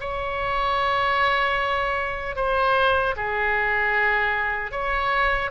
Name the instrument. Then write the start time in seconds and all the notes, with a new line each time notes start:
oboe
0.00 C#5
2.36 C5
3.16 G#4
4.71 C#5